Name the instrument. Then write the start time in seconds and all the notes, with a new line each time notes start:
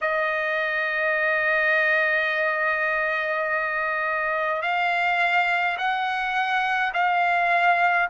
trumpet
0.01 D#5
4.62 F5
5.77 F#5
6.93 F5